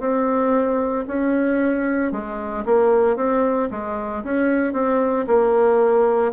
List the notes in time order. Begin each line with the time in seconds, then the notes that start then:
0.00 C4
1.07 C#4
2.11 G#3
2.65 A#3
3.16 C4
3.71 G#3
4.24 C#4
4.73 C4
5.27 A#3